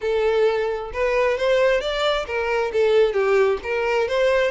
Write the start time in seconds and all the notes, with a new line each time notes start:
0.01 A4
0.93 B4
1.37 C5
1.80 D5
2.26 A#4
2.73 A4
3.13 G4
3.63 A#4
4.07 C5